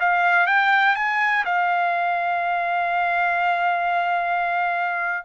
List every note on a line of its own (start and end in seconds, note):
0.00 0.47 F5
0.47 0.96 G5
0.96 1.45 G#5
1.45 5.25 F5